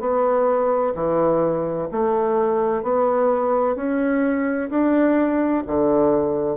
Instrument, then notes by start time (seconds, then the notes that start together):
bassoon
0.00 B3
0.95 E3
1.91 A3
2.83 B3
3.76 C#4
4.70 D4
5.67 D3